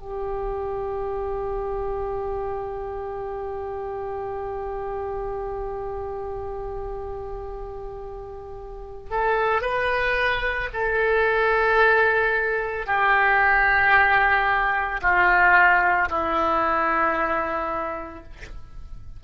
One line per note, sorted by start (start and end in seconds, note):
0.00 9.11 G4
9.11 9.62 A4
9.62 10.69 B4
10.74 12.87 A4
12.87 15.01 G4
15.02 16.10 F4
16.10 18.24 E4